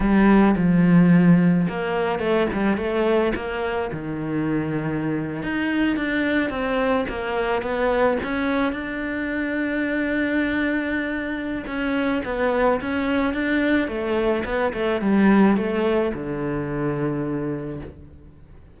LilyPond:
\new Staff \with { instrumentName = "cello" } { \time 4/4 \tempo 4 = 108 g4 f2 ais4 | a8 g8 a4 ais4 dis4~ | dis4.~ dis16 dis'4 d'4 c'16~ | c'8. ais4 b4 cis'4 d'16~ |
d'1~ | d'4 cis'4 b4 cis'4 | d'4 a4 b8 a8 g4 | a4 d2. | }